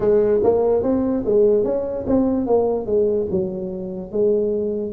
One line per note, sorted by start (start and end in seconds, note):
0.00 0.40 G#3
0.43 0.83 A#3
0.83 1.24 C4
1.25 1.64 G#3
1.64 2.05 C#4
2.07 2.46 C4
2.46 2.85 A#3
2.85 3.27 G#3
3.30 4.11 F#3
4.11 4.93 G#3